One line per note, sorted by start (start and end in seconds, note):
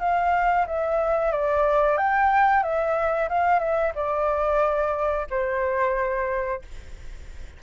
0.00 0.66 F5
0.67 1.32 E5
1.32 1.98 D5
1.98 2.63 G5
2.63 3.29 E5
3.29 3.60 F5
3.60 3.93 E5
3.95 5.27 D5
5.30 6.62 C5